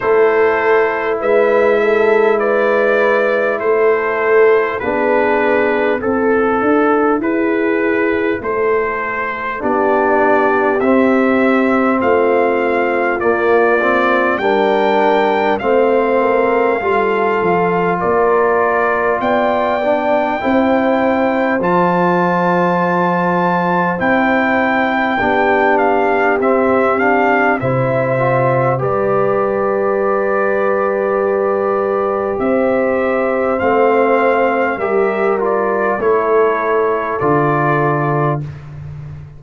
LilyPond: <<
  \new Staff \with { instrumentName = "trumpet" } { \time 4/4 \tempo 4 = 50 c''4 e''4 d''4 c''4 | b'4 a'4 b'4 c''4 | d''4 e''4 f''4 d''4 | g''4 f''2 d''4 |
g''2 a''2 | g''4. f''8 e''8 f''8 e''4 | d''2. e''4 | f''4 e''8 d''8 cis''4 d''4 | }
  \new Staff \with { instrumentName = "horn" } { \time 4/4 a'4 b'8 a'8 b'4 a'4 | gis'4 a'4 gis'4 a'4 | g'2 f'2 | ais'4 c''8 ais'8 a'4 ais'4 |
d''4 c''2.~ | c''4 g'2 c''4 | b'2. c''4~ | c''4 ais'4 a'2 | }
  \new Staff \with { instrumentName = "trombone" } { \time 4/4 e'1 | d'4 e'2. | d'4 c'2 ais8 c'8 | d'4 c'4 f'2~ |
f'8 d'8 e'4 f'2 | e'4 d'4 c'8 d'8 e'8 f'8 | g'1 | c'4 g'8 f'8 e'4 f'4 | }
  \new Staff \with { instrumentName = "tuba" } { \time 4/4 a4 gis2 a4 | b4 c'8 d'8 e'4 a4 | b4 c'4 a4 ais4 | g4 a4 g8 f8 ais4 |
b4 c'4 f2 | c'4 b4 c'4 c4 | g2. c'4 | a4 g4 a4 d4 | }
>>